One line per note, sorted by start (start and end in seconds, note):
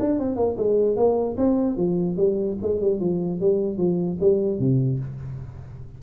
0.00 0.19 D4
0.19 0.36 C4
0.36 0.57 A#3
0.57 0.97 G#3
0.97 1.37 A#3
1.38 1.77 C4
1.77 2.17 F3
2.17 2.57 G3
2.62 2.81 G#3
2.81 3.01 G3
3.01 3.41 F3
3.41 3.78 G3
3.78 4.18 F3
4.21 4.59 G3
4.59 5.00 C3